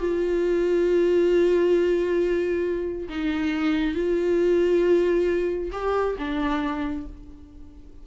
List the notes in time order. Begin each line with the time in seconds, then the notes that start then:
0.00 F4
3.09 D#4
3.94 F4
5.72 G4
6.18 D4